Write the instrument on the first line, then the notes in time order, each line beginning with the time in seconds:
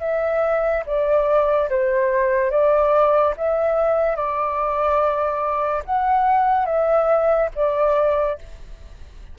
flute
0.00 E5
0.86 D5
1.69 C5
2.50 D5
3.37 E5
4.16 D5
5.85 F#5
6.66 E5
7.55 D5